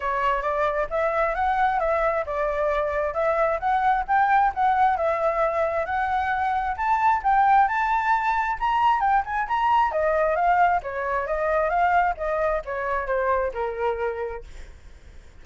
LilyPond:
\new Staff \with { instrumentName = "flute" } { \time 4/4 \tempo 4 = 133 cis''4 d''4 e''4 fis''4 | e''4 d''2 e''4 | fis''4 g''4 fis''4 e''4~ | e''4 fis''2 a''4 |
g''4 a''2 ais''4 | g''8 gis''8 ais''4 dis''4 f''4 | cis''4 dis''4 f''4 dis''4 | cis''4 c''4 ais'2 | }